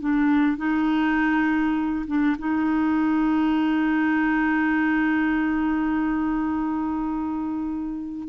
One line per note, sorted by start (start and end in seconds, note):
0.00 0.57 D4
0.57 2.06 D#4
2.07 2.36 D4
2.38 8.28 D#4